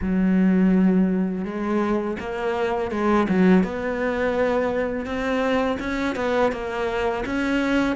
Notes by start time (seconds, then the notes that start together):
0.01 F#3
1.45 G#3
2.19 A#3
2.91 G#3
3.28 F#3
3.63 B3
5.05 C4
5.79 C#4
6.15 B3
6.52 A#3
7.25 C#4